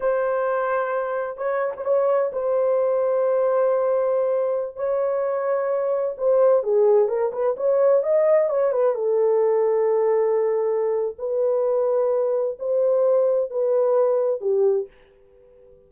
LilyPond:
\new Staff \with { instrumentName = "horn" } { \time 4/4 \tempo 4 = 129 c''2. cis''8. c''16 | cis''4 c''2.~ | c''2~ c''16 cis''4.~ cis''16~ | cis''4~ cis''16 c''4 gis'4 ais'8 b'16~ |
b'16 cis''4 dis''4 cis''8 b'8 a'8.~ | a'1 | b'2. c''4~ | c''4 b'2 g'4 | }